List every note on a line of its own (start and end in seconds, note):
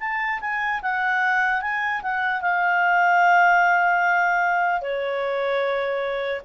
0.00 0.40 A5
0.41 0.81 G#5
0.82 1.61 F#5
1.61 2.01 G#5
2.02 2.41 F#5
2.41 4.81 F5
4.81 6.41 C#5